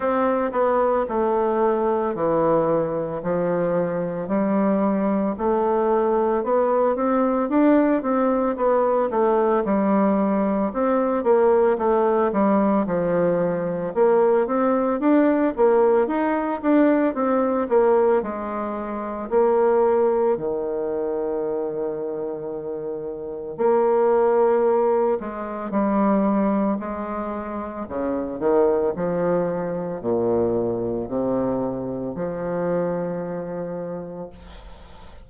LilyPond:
\new Staff \with { instrumentName = "bassoon" } { \time 4/4 \tempo 4 = 56 c'8 b8 a4 e4 f4 | g4 a4 b8 c'8 d'8 c'8 | b8 a8 g4 c'8 ais8 a8 g8 | f4 ais8 c'8 d'8 ais8 dis'8 d'8 |
c'8 ais8 gis4 ais4 dis4~ | dis2 ais4. gis8 | g4 gis4 cis8 dis8 f4 | ais,4 c4 f2 | }